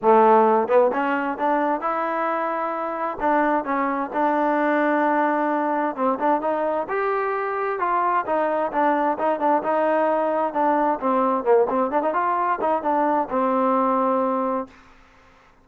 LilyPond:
\new Staff \with { instrumentName = "trombone" } { \time 4/4 \tempo 4 = 131 a4. b8 cis'4 d'4 | e'2. d'4 | cis'4 d'2.~ | d'4 c'8 d'8 dis'4 g'4~ |
g'4 f'4 dis'4 d'4 | dis'8 d'8 dis'2 d'4 | c'4 ais8 c'8 d'16 dis'16 f'4 dis'8 | d'4 c'2. | }